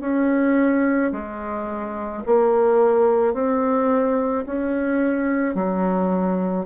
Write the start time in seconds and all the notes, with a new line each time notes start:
0.00 C#4
1.12 G#3
2.26 A#3
3.33 C4
4.45 C#4
5.55 F#3